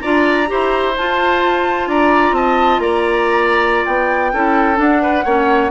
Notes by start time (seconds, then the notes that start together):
0.00 D4 F4 D5 A#5
0.47 E4 G4 C5
0.97 F4 A5
1.87 D4 D5 A#5
2.32 C4 D#5 A5
2.79 A#3 D5 A#5
3.86 B3 G5
4.34 C#4 E4 A4
4.76 D4 F#5
5.02 B4
5.25 A#3 C#4 C#5